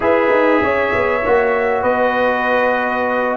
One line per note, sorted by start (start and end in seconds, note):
0.00 0.30 E4
0.00 1.21 G#4
0.00 0.62 B4
0.00 1.83 E5
0.30 0.61 D#4
0.62 0.93 C#4
0.62 1.82 C#5
0.93 1.24 B3
1.25 1.83 A#3
1.25 3.37 F#4
1.82 3.37 B3
1.82 3.36 B4
1.82 3.37 D#5